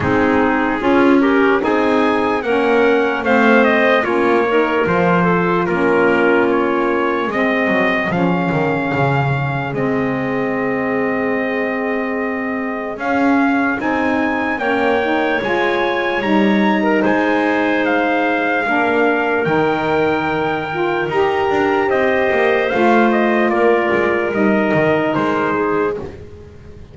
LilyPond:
<<
  \new Staff \with { instrumentName = "trumpet" } { \time 4/4 \tempo 4 = 74 gis'4. ais'8 gis''4 fis''4 | f''8 dis''8 cis''4 c''4 ais'4 | cis''4 dis''4 f''2 | dis''1 |
f''4 gis''4 g''4 gis''4 | ais''4 gis''4 f''2 | g''2 ais''4 dis''4 | f''8 dis''8 d''4 dis''4 c''4 | }
  \new Staff \with { instrumentName = "clarinet" } { \time 4/4 dis'4 f'8 g'8 gis'4 ais'4 | c''4 f'8 ais'4 a'8 f'4~ | f'4 gis'2.~ | gis'1~ |
gis'2 cis''2~ | cis''8. ais'16 c''2 ais'4~ | ais'2. c''4~ | c''4 ais'2~ ais'8 gis'8 | }
  \new Staff \with { instrumentName = "saxophone" } { \time 4/4 c'4 cis'4 dis'4 cis'4 | c'4 cis'8 dis'8 f'4 cis'4~ | cis'4 c'4 cis'2 | c'1 |
cis'4 dis'4 cis'8 dis'8 f'4 | dis'2. d'4 | dis'4. f'8 g'2 | f'2 dis'2 | }
  \new Staff \with { instrumentName = "double bass" } { \time 4/4 gis4 cis'4 c'4 ais4 | a4 ais4 f4 ais4~ | ais4 gis8 fis8 f8 dis8 cis4 | gis1 |
cis'4 c'4 ais4 gis4 | g4 gis2 ais4 | dis2 dis'8 d'8 c'8 ais8 | a4 ais8 gis8 g8 dis8 gis4 | }
>>